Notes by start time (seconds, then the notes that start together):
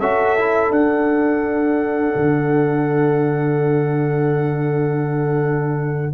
0.00 C#4 F#4 A4 E5
0.38 E4
0.70 D4 F#5
2.16 D3